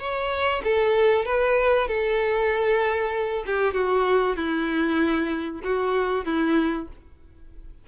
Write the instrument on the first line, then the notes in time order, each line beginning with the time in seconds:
violin
0.00 C#5
0.64 A4
1.26 B4
1.88 A4
3.47 G4
3.74 F#4
4.37 E4
5.64 F#4
6.26 E4